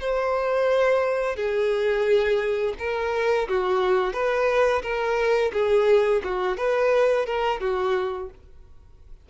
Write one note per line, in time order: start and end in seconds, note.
0.00 1.36 C5
1.36 2.74 G#4
2.79 3.48 A#4
3.48 4.13 F#4
4.13 4.82 B4
4.83 5.52 A#4
5.53 6.22 G#4
6.24 6.57 F#4
6.57 7.26 B4
7.26 7.61 A#4
7.61 8.29 F#4